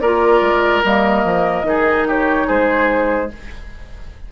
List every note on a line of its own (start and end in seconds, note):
0.00 0.41 A#3
0.00 0.84 F4
0.00 1.66 A#4
0.00 0.82 D5
0.41 0.82 G#3
0.84 1.24 G3
0.84 1.64 A#3
0.84 2.08 D#5
1.24 1.63 F3
1.63 2.45 D#3
1.63 3.28 D#4
1.63 2.08 G#4
2.08 2.47 G4
2.08 2.49 C#5
2.47 3.32 G#3
2.47 3.29 G#4
2.47 3.31 C5